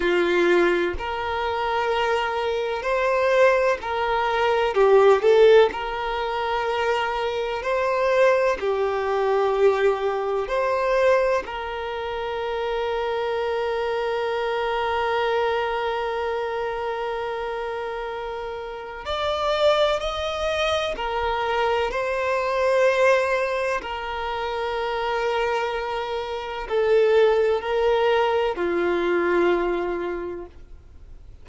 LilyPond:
\new Staff \with { instrumentName = "violin" } { \time 4/4 \tempo 4 = 63 f'4 ais'2 c''4 | ais'4 g'8 a'8 ais'2 | c''4 g'2 c''4 | ais'1~ |
ais'1 | d''4 dis''4 ais'4 c''4~ | c''4 ais'2. | a'4 ais'4 f'2 | }